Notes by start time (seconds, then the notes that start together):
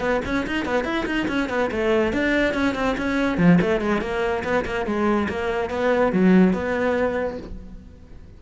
0.00 B3
0.25 C#4
0.47 D#4
0.65 B3
0.85 E4
1.06 D#4
1.28 C#4
1.49 B3
1.71 A3
2.13 D4
2.54 C#4
2.75 C4
2.98 C#4
3.38 F3
3.61 A3
3.81 G#3
4.01 A#3
4.44 B3
4.65 A#3
4.86 G#3
5.29 A#3
5.70 B3
6.12 F#3
6.53 B3